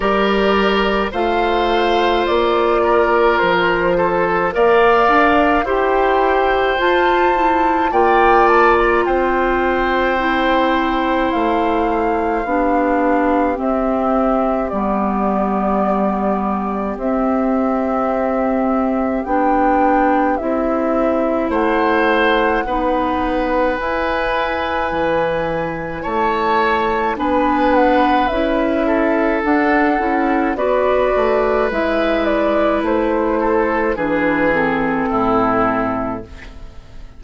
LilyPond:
<<
  \new Staff \with { instrumentName = "flute" } { \time 4/4 \tempo 4 = 53 d''4 f''4 d''4 c''4 | f''4 g''4 a''4 g''8 a''16 ais''16 | g''2 f''2 | e''4 d''2 e''4~ |
e''4 g''4 e''4 fis''4~ | fis''4 gis''2 a''4 | gis''8 fis''8 e''4 fis''4 d''4 | e''8 d''8 c''4 b'8 a'4. | }
  \new Staff \with { instrumentName = "oboe" } { \time 4/4 ais'4 c''4. ais'4 a'8 | d''4 c''2 d''4 | c''2. g'4~ | g'1~ |
g'2. c''4 | b'2. cis''4 | b'4. a'4. b'4~ | b'4. a'8 gis'4 e'4 | }
  \new Staff \with { instrumentName = "clarinet" } { \time 4/4 g'4 f'2. | ais'4 g'4 f'8 e'8 f'4~ | f'4 e'2 d'4 | c'4 b2 c'4~ |
c'4 d'4 e'2 | dis'4 e'2. | d'4 e'4 d'8 e'8 fis'4 | e'2 d'8 c'4. | }
  \new Staff \with { instrumentName = "bassoon" } { \time 4/4 g4 a4 ais4 f4 | ais8 d'8 e'4 f'4 ais4 | c'2 a4 b4 | c'4 g2 c'4~ |
c'4 b4 c'4 a4 | b4 e'4 e4 a4 | b4 cis'4 d'8 cis'8 b8 a8 | gis4 a4 e4 a,4 | }
>>